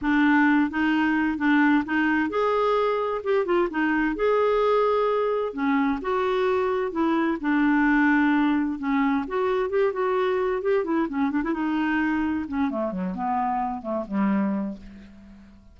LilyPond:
\new Staff \with { instrumentName = "clarinet" } { \time 4/4 \tempo 4 = 130 d'4. dis'4. d'4 | dis'4 gis'2 g'8 f'8 | dis'4 gis'2. | cis'4 fis'2 e'4 |
d'2. cis'4 | fis'4 g'8 fis'4. g'8 e'8 | cis'8 d'16 e'16 dis'2 cis'8 a8 | fis8 b4. a8 g4. | }